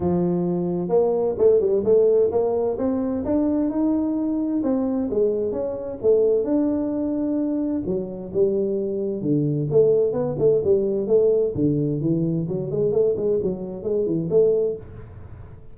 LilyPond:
\new Staff \with { instrumentName = "tuba" } { \time 4/4 \tempo 4 = 130 f2 ais4 a8 g8 | a4 ais4 c'4 d'4 | dis'2 c'4 gis4 | cis'4 a4 d'2~ |
d'4 fis4 g2 | d4 a4 b8 a8 g4 | a4 d4 e4 fis8 gis8 | a8 gis8 fis4 gis8 e8 a4 | }